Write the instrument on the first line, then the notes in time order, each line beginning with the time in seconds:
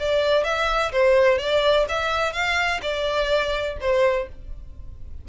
violin
0.00 D5
0.44 E5
0.92 C5
1.39 D5
1.89 E5
2.33 F5
2.82 D5
3.81 C5